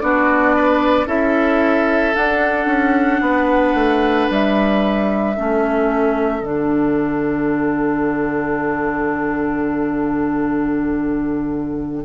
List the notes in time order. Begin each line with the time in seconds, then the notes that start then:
0.00 B3 D4 F#4 D5
0.55 B4
1.06 C#4 E4 A4 E5
2.15 D4 F#5
2.66 C#4
3.21 B3 B4
3.74 A3
4.29 G3 E5
5.36 A3 C#4 A4
6.41 D3 D4 F#5